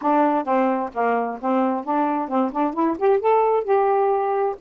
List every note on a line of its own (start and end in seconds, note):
0.01 0.44 D4
0.44 0.90 C4
0.93 1.39 A#3
1.41 1.84 C4
1.84 2.28 D4
2.28 2.51 C4
2.52 2.73 D4
2.73 2.96 E4
2.98 3.20 G4
3.20 3.64 A4
3.64 4.55 G4